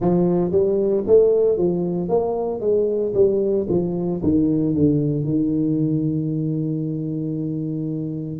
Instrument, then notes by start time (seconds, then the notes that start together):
tuba
0.00 F3
0.51 G3
1.06 A3
1.57 F3
2.09 A#3
2.60 G#3
3.14 G3
3.69 F3
4.22 D#3
4.74 D3
5.24 D#3